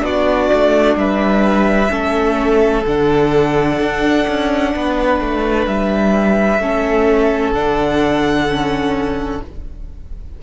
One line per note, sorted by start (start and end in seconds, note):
0.00 0.49 B3
0.00 1.88 D4
0.00 0.98 F#4
0.00 0.98 D5
0.53 0.95 A3
0.95 1.89 G3
0.95 1.91 B4
0.95 2.86 E5
1.89 2.85 A3
1.89 2.83 C#4
1.89 4.73 A4
2.85 3.79 D3
2.85 6.61 D4
2.85 5.66 F#5
3.80 4.27 D4
4.28 4.75 C#4
4.76 5.21 B3
4.76 6.61 B4
5.21 5.66 A3
5.66 6.59 G3
5.66 7.53 E5
6.59 7.52 A3
6.59 7.54 C#4
6.59 9.42 A4
7.53 9.41 D3
7.53 8.48 D4
7.53 9.40 F#5
8.49 9.42 C#4